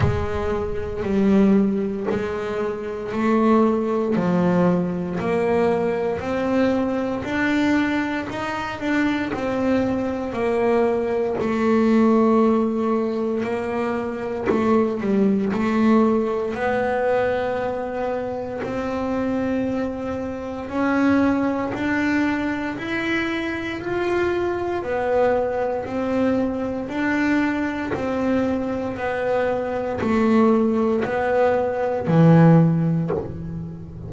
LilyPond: \new Staff \with { instrumentName = "double bass" } { \time 4/4 \tempo 4 = 58 gis4 g4 gis4 a4 | f4 ais4 c'4 d'4 | dis'8 d'8 c'4 ais4 a4~ | a4 ais4 a8 g8 a4 |
b2 c'2 | cis'4 d'4 e'4 f'4 | b4 c'4 d'4 c'4 | b4 a4 b4 e4 | }